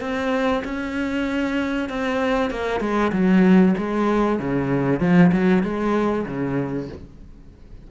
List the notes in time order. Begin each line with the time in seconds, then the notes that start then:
0.00 C4
0.64 C#4
1.89 C4
2.50 A#3
2.80 G#3
3.12 F#3
3.77 G#3
4.39 C#3
5.00 F3
5.32 F#3
5.63 G#3
6.26 C#3